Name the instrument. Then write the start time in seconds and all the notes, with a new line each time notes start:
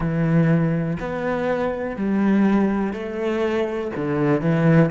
cello
0.00 E3
0.99 B3
1.96 G3
2.92 A3
3.96 D3
4.41 E3